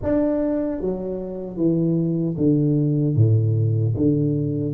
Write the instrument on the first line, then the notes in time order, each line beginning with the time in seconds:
tuba
0.03 D4
0.80 F#3
1.56 E3
2.37 D3
3.15 A2
3.96 D3